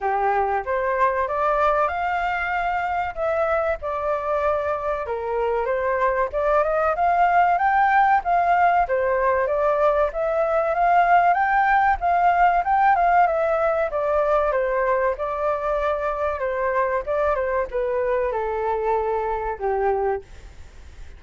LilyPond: \new Staff \with { instrumentName = "flute" } { \time 4/4 \tempo 4 = 95 g'4 c''4 d''4 f''4~ | f''4 e''4 d''2 | ais'4 c''4 d''8 dis''8 f''4 | g''4 f''4 c''4 d''4 |
e''4 f''4 g''4 f''4 | g''8 f''8 e''4 d''4 c''4 | d''2 c''4 d''8 c''8 | b'4 a'2 g'4 | }